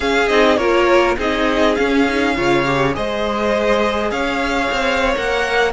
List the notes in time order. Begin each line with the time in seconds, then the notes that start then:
0.00 C#4 G#4 F5
0.27 C4 D#4 D#5
0.56 A#3 F4 A#4 C#5
1.17 C4 D#4 G#4 D#5
1.75 C#4 F5
2.07 D#4
2.35 C#3 F4 C#5
2.65 G4
2.93 G#3 G#4 C5 D#5
4.11 C#4 C#5 F5
4.71 C4
5.13 A#3 A#4 F#5